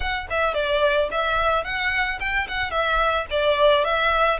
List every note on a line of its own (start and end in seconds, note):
0.00 0.27 F#5
0.30 0.54 E5
0.54 1.09 D5
1.11 1.64 E5
1.64 2.19 F#5
2.20 2.47 G5
2.47 2.70 F#5
2.70 3.26 E5
3.30 3.84 D5
3.84 4.39 E5